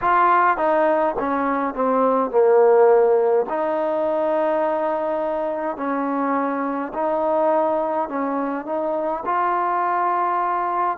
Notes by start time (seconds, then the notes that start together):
0.01 F4
0.57 D#4
1.19 C#4
1.74 C4
2.30 A#3
3.49 D#4
5.76 C#4
6.93 D#4
8.08 C#4
8.65 D#4
9.25 F4